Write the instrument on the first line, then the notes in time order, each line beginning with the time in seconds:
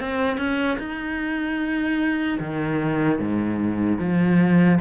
cello
0.00 C4
0.37 C#4
0.79 D#4
2.40 D#3
3.19 G#2
3.99 F3